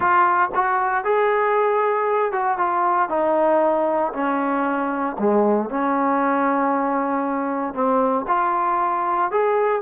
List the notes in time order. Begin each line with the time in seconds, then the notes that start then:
0.00 F4
0.54 F#4
1.04 G#4
2.32 F#4
2.58 F4
3.09 D#4
4.13 C#4
5.18 G#3
5.69 C#4
7.74 C4
8.27 F4
9.31 G#4